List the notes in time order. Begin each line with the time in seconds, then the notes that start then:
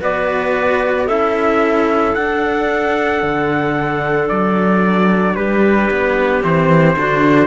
0.00 B3 F#4 B4 D5
1.06 C#4 E4 A4 E5
2.14 D4 F#5
3.22 D3
4.28 F#3 D5
5.35 G3 G4 B4
5.90 B3
6.42 E3 C4 C5
6.96 D3 D4 F#4